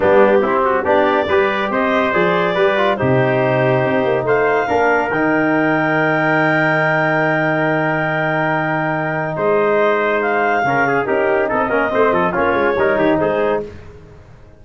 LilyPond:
<<
  \new Staff \with { instrumentName = "clarinet" } { \time 4/4 \tempo 4 = 141 g'2 d''2 | dis''4 d''2 c''4~ | c''2 f''2 | g''1~ |
g''1~ | g''2 dis''2 | f''2 ais'4 dis''4~ | dis''4 cis''2 c''4 | }
  \new Staff \with { instrumentName = "trumpet" } { \time 4/4 d'4 e'8 fis'8 g'4 b'4 | c''2 b'4 g'4~ | g'2 c''4 ais'4~ | ais'1~ |
ais'1~ | ais'2 c''2~ | c''4 ais'8 gis'8 g'4 a'8 ais'8 | c''8 a'8 f'4 ais'8 g'8 gis'4 | }
  \new Staff \with { instrumentName = "trombone" } { \time 4/4 b4 c'4 d'4 g'4~ | g'4 gis'4 g'8 f'8 dis'4~ | dis'2. d'4 | dis'1~ |
dis'1~ | dis'1~ | dis'4 cis'4 dis'4. cis'8 | c'4 cis'4 dis'2 | }
  \new Staff \with { instrumentName = "tuba" } { \time 4/4 g4 c'4 b4 g4 | c'4 f4 g4 c4~ | c4 c'8 ais8 a4 ais4 | dis1~ |
dis1~ | dis2 gis2~ | gis4 cis4 cis'4 c'8 ais8 | a8 f8 ais8 gis8 g8 dis8 gis4 | }
>>